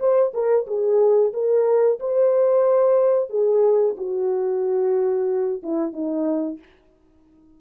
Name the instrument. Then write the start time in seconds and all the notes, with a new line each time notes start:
horn
0.00 C5
0.34 A#4
0.67 G#4
1.33 A#4
2.00 C5
3.30 G#4
3.98 F#4
5.63 E4
5.93 D#4